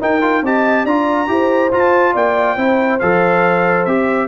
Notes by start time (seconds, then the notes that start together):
0.00 D#4 A#4 G5
0.21 F4
0.42 C4 G4 D#5 A5
0.84 D4 F4 D5 A#5
1.27 E4 G4 C5
1.72 F4 A5
2.13 A#3 D5 G5
2.56 C4 E4 C5
2.99 F3 A4 F5
3.85 C4 G4 E5